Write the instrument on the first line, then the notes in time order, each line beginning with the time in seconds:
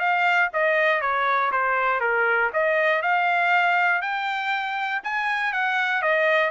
trumpet
0.00 F5
0.53 D#5
1.01 C#5
1.52 C5
2.00 A#4
2.53 D#5
3.02 F5
4.02 G5
5.04 G#5
5.53 F#5
6.02 D#5